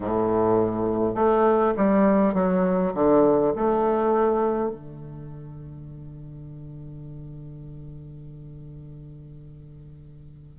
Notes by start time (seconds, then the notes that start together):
0.00 A2
1.14 A3
1.76 G3
2.34 F#3
2.94 D3
3.56 A3
4.70 D3